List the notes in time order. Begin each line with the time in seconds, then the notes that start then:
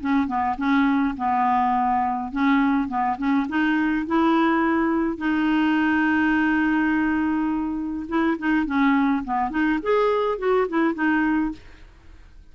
0.00 C#4
0.26 B3
0.57 C#4
1.17 B3
2.32 C#4
2.87 B3
3.18 C#4
3.49 D#4
4.06 E4
5.17 D#4
8.08 E4
8.38 D#4
8.65 C#4
9.24 B3
9.50 D#4
9.82 G#4
10.38 F#4
10.68 E4
10.94 D#4